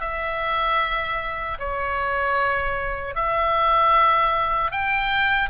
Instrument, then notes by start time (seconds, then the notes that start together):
oboe
0.00 E5
1.59 C#5
3.15 E5
4.72 G5